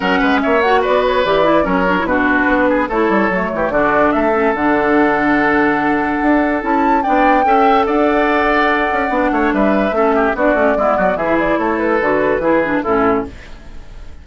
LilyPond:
<<
  \new Staff \with { instrumentName = "flute" } { \time 4/4 \tempo 4 = 145 fis''4 e''8 fis''8 d''8 cis''8 d''4 | cis''4 b'2 cis''4~ | cis''4 d''4 e''4 fis''4~ | fis''1 |
a''4 g''2 fis''4~ | fis''2. e''4~ | e''4 d''2 e''8 d''8 | cis''8 b'2~ b'8 a'4 | }
  \new Staff \with { instrumentName = "oboe" } { \time 4/4 ais'8 b'8 cis''4 b'2 | ais'4 fis'4. gis'8 a'4~ | a'8 g'8 fis'4 a'2~ | a'1~ |
a'4 d''4 e''4 d''4~ | d''2~ d''8 cis''8 b'4 | a'8 g'8 fis'4 e'8 fis'8 gis'4 | a'2 gis'4 e'4 | }
  \new Staff \with { instrumentName = "clarinet" } { \time 4/4 cis'4. fis'4. g'8 e'8 | cis'8 d'16 e'16 d'2 e'4 | a4 d'4. cis'8 d'4~ | d'1 |
e'4 d'4 a'2~ | a'2 d'2 | cis'4 d'8 cis'8 b4 e'4~ | e'4 fis'4 e'8 d'8 cis'4 | }
  \new Staff \with { instrumentName = "bassoon" } { \time 4/4 fis8 gis8 ais4 b4 e4 | fis4 b,4 b4 a8 g8 | fis8 e8 d4 a4 d4~ | d2. d'4 |
cis'4 b4 cis'4 d'4~ | d'4. cis'8 b8 a8 g4 | a4 b8 a8 gis8 fis8 e4 | a4 d4 e4 a,4 | }
>>